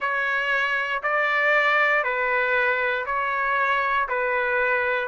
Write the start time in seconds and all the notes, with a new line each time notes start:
0.00 C#5
1.02 D5
2.03 B4
3.06 C#5
4.08 B4